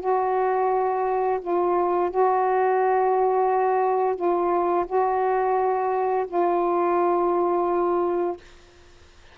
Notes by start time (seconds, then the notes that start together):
0.00 F#4
1.41 F4
2.10 F#4
4.16 F4
4.86 F#4
6.28 F4